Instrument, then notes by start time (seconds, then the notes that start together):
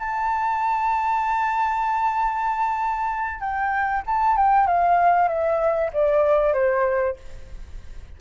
flute
0.00 A5
3.41 G5
4.07 A5
4.37 G5
4.68 F5
5.29 E5
5.93 D5
6.54 C5